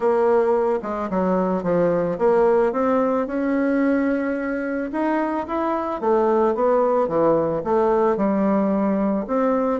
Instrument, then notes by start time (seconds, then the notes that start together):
bassoon
0.00 A#3
0.82 G#3
1.10 F#3
1.63 F3
2.18 A#3
2.72 C4
3.27 C#4
4.92 D#4
5.47 E4
6.00 A3
6.54 B3
7.08 E3
7.64 A3
8.16 G3
9.27 C4